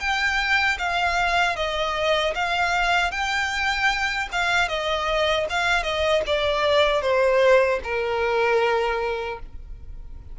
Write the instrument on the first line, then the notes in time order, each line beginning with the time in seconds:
violin
0.00 G5
0.79 F5
1.56 D#5
2.35 F5
3.12 G5
4.32 F5
4.69 D#5
5.50 F5
5.83 D#5
6.27 D5
7.02 C5
7.84 A#4